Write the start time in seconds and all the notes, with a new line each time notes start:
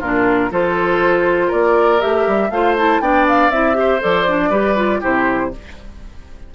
0.00 A#2 D4 F4 A#4
0.51 F3 F4 A4 C5
1.48 A#3 A#4 D5
2.00 A3 G4 E5
2.27 G3
2.50 A3 F4 C5 F5
2.78 E4 A5
3.00 B3 D4 D5 G5
3.29 F5
3.50 C4 E4 E5
3.74 G4 C5
4.01 F3 A4 D5
4.28 D4
4.50 G3 G4 B4
4.77 F4
5.01 C3 E4 G4 C5